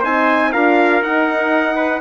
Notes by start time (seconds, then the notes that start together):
0.00 C4 D#4 C5 G#5
0.53 D4 F4 A#4 F5
1.02 D#4 F#5
1.76 B4